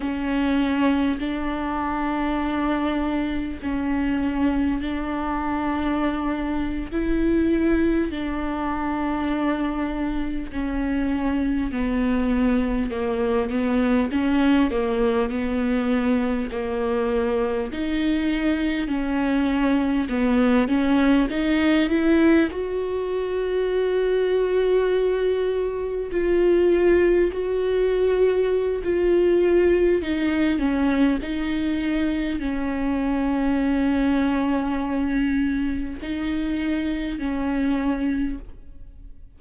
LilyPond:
\new Staff \with { instrumentName = "viola" } { \time 4/4 \tempo 4 = 50 cis'4 d'2 cis'4 | d'4.~ d'16 e'4 d'4~ d'16~ | d'8. cis'4 b4 ais8 b8 cis'16~ | cis'16 ais8 b4 ais4 dis'4 cis'16~ |
cis'8. b8 cis'8 dis'8 e'8 fis'4~ fis'16~ | fis'4.~ fis'16 f'4 fis'4~ fis'16 | f'4 dis'8 cis'8 dis'4 cis'4~ | cis'2 dis'4 cis'4 | }